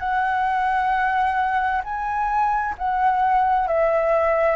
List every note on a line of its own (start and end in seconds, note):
0.00 1.82 F#5
1.84 2.75 G#5
2.78 3.68 F#5
3.68 4.56 E5